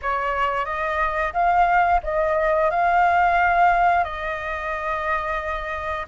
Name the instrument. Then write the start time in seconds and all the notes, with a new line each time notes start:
flute
0.02 C#5
0.65 D#5
1.33 F5
2.03 D#5
2.70 F5
4.04 D#5